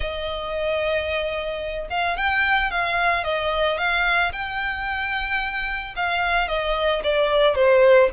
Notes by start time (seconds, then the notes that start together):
0.00 D#5
1.89 F5
2.16 G5
2.71 F5
3.23 D#5
3.78 F5
4.32 G5
5.96 F5
6.48 D#5
7.03 D5
7.55 C5